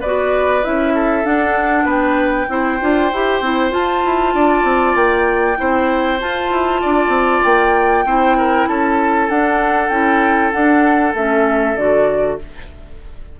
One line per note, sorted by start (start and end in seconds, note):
0.00 0.65 B3
0.00 0.63 F#4
0.00 0.93 B4
0.00 0.63 D5
0.63 1.24 C#4
0.63 1.23 E4
0.63 1.25 E5
0.94 1.85 A4
1.23 2.47 D4
1.23 1.84 D4
1.23 1.87 F#5
1.84 2.46 B3
1.84 2.46 B4
1.84 3.72 G5
2.48 2.80 C4
2.48 2.79 E4
2.48 4.34 C5
2.80 3.12 D4
2.80 3.11 F4
3.12 3.40 E4
3.12 3.43 G4
3.40 3.71 C4
3.40 3.70 E4
3.70 5.56 F4
3.70 4.03 F4
3.70 4.96 A5
4.04 4.34 E4
4.34 4.63 D4
4.34 5.58 D5
4.63 4.94 C4
4.95 5.56 A#3
4.95 6.19 G5
5.56 6.21 C4
5.56 6.18 E4
5.56 6.81 C5
6.20 8.06 F4
6.20 6.50 F4
6.20 7.44 A5
6.50 6.81 E4
6.81 7.08 D4
6.81 8.04 D5
7.08 7.39 C4
7.44 8.05 A#3
7.44 8.67 G5
8.05 8.66 C4
8.05 9.29 E4
8.05 8.37 C5
8.37 8.68 A#4
8.67 9.29 C#4
8.67 12.39 A4
8.67 9.29 A5
9.29 9.89 D4
9.29 9.90 D4
9.29 9.89 F#5
9.89 10.51 C#4
9.89 10.52 E4
9.89 10.51 G5
10.51 11.14 D4
10.51 11.13 D4
10.51 11.13 F#5
11.13 11.75 A3
11.13 11.77 C#4
11.13 11.76 E5
11.76 12.37 D3
11.76 12.38 F#4
11.76 12.38 D5